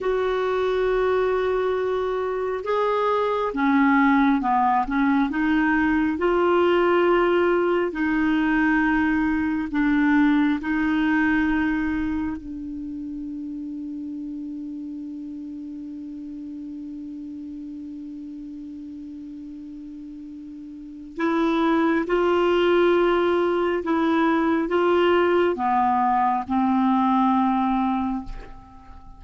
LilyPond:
\new Staff \with { instrumentName = "clarinet" } { \time 4/4 \tempo 4 = 68 fis'2. gis'4 | cis'4 b8 cis'8 dis'4 f'4~ | f'4 dis'2 d'4 | dis'2 d'2~ |
d'1~ | d'1 | e'4 f'2 e'4 | f'4 b4 c'2 | }